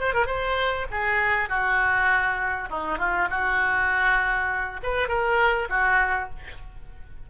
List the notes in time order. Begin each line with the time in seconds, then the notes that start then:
0.00 C5
0.14 A#4
0.26 C5
0.91 G#4
1.49 F#4
2.70 D#4
2.98 F4
3.31 F#4
4.83 B4
5.08 A#4
5.69 F#4